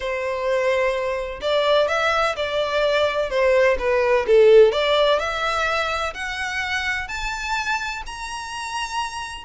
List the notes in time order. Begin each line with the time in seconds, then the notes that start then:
0.00 C5
1.41 D5
1.88 E5
2.36 D5
3.29 C5
3.78 B4
4.26 A4
4.72 D5
5.19 E5
6.14 F#5
7.08 A5
8.06 A#5